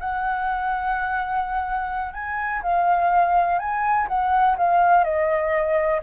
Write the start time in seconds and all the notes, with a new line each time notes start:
0.00 F#5
2.14 G#5
2.62 F5
3.59 G#5
4.08 F#5
4.57 F5
5.04 D#5